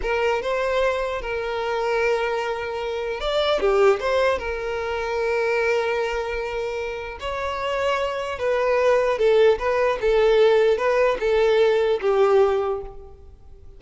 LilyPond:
\new Staff \with { instrumentName = "violin" } { \time 4/4 \tempo 4 = 150 ais'4 c''2 ais'4~ | ais'1 | d''4 g'4 c''4 ais'4~ | ais'1~ |
ais'2 cis''2~ | cis''4 b'2 a'4 | b'4 a'2 b'4 | a'2 g'2 | }